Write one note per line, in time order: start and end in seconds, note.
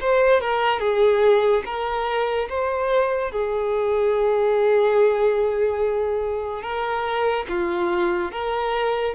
0.00 0.41 C5
0.41 0.79 A#4
0.79 1.62 G#4
1.65 2.48 A#4
2.49 3.31 C5
3.31 6.62 G#4
6.62 7.45 A#4
7.48 8.31 F4
8.31 9.14 A#4